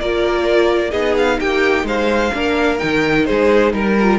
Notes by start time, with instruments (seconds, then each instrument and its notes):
0.00 cello A#3, viola F4, violin A#4 D5
0.90 cello B3, viola D#4, violin G#4 D#5
1.17 violin F5
1.40 cello A#3, violin G4 G5
1.83 cello G#3, violin C5 F5
2.34 cello A#3, viola D4, violin A#4
2.78 cello D#3, viola D#4, violin G5
3.25 cello G#3, violin G#4 C5
3.73 cello G3, violin A#4
4.00 viola F4